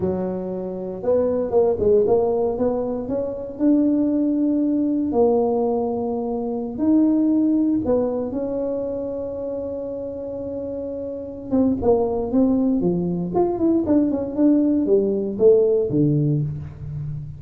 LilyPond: \new Staff \with { instrumentName = "tuba" } { \time 4/4 \tempo 4 = 117 fis2 b4 ais8 gis8 | ais4 b4 cis'4 d'4~ | d'2 ais2~ | ais4~ ais16 dis'2 b8.~ |
b16 cis'2.~ cis'8.~ | cis'2~ cis'8 c'8 ais4 | c'4 f4 f'8 e'8 d'8 cis'8 | d'4 g4 a4 d4 | }